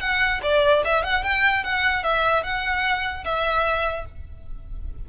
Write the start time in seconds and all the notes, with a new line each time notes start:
0.00 F#5
0.43 D5
0.85 E5
1.04 F#5
1.23 G5
1.64 F#5
2.03 E5
2.43 F#5
3.25 E5